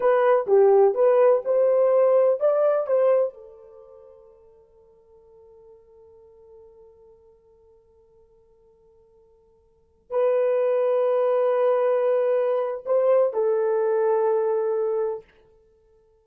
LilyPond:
\new Staff \with { instrumentName = "horn" } { \time 4/4 \tempo 4 = 126 b'4 g'4 b'4 c''4~ | c''4 d''4 c''4 a'4~ | a'1~ | a'1~ |
a'1~ | a'4~ a'16 b'2~ b'8.~ | b'2. c''4 | a'1 | }